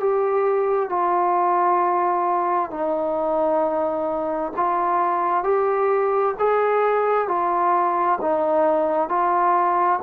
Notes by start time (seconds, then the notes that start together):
0.00 G4
0.89 F4
2.70 D#4
4.56 F4
5.44 G4
6.39 G#4
7.28 F4
8.21 D#4
9.09 F4